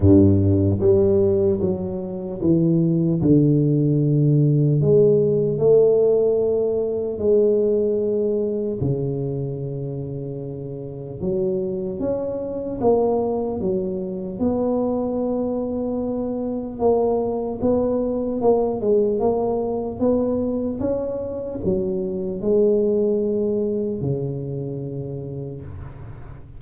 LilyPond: \new Staff \with { instrumentName = "tuba" } { \time 4/4 \tempo 4 = 75 g,4 g4 fis4 e4 | d2 gis4 a4~ | a4 gis2 cis4~ | cis2 fis4 cis'4 |
ais4 fis4 b2~ | b4 ais4 b4 ais8 gis8 | ais4 b4 cis'4 fis4 | gis2 cis2 | }